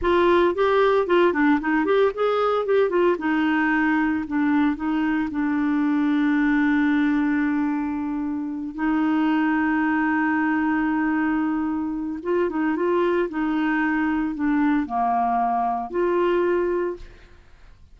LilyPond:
\new Staff \with { instrumentName = "clarinet" } { \time 4/4 \tempo 4 = 113 f'4 g'4 f'8 d'8 dis'8 g'8 | gis'4 g'8 f'8 dis'2 | d'4 dis'4 d'2~ | d'1~ |
d'8 dis'2.~ dis'8~ | dis'2. f'8 dis'8 | f'4 dis'2 d'4 | ais2 f'2 | }